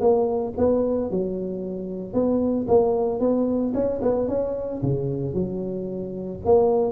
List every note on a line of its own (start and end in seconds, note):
0.00 0.53 A#3
0.57 1.10 B3
1.10 2.13 F#3
2.13 2.66 B3
2.67 3.20 A#3
3.20 3.73 B3
3.74 4.00 C#4
4.02 4.28 B3
4.28 4.81 C#4
4.82 5.33 C#3
5.33 6.40 F#3
6.44 6.91 A#3